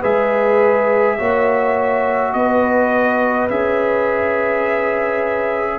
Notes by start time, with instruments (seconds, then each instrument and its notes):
0.00 tuba G#3, trombone G#4, horn B4, trumpet E5
1.18 tuba A#3, trombone F#4, horn C#5
2.33 tuba B3, horn B4, trumpet D#5
3.50 tuba C#4, trombone G#4, trumpet E5